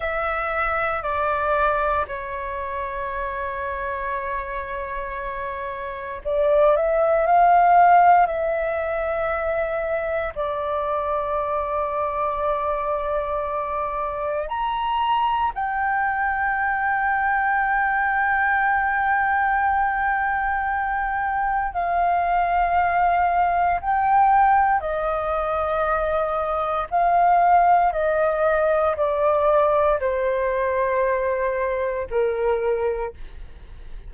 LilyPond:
\new Staff \with { instrumentName = "flute" } { \time 4/4 \tempo 4 = 58 e''4 d''4 cis''2~ | cis''2 d''8 e''8 f''4 | e''2 d''2~ | d''2 ais''4 g''4~ |
g''1~ | g''4 f''2 g''4 | dis''2 f''4 dis''4 | d''4 c''2 ais'4 | }